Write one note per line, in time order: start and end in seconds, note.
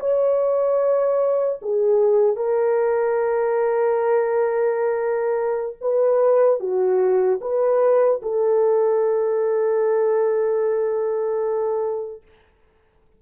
0.00 1.60 C#5
1.62 2.36 G#4
2.36 5.76 A#4
5.81 6.60 B4
6.60 7.40 F#4
7.41 8.21 B4
8.23 12.23 A4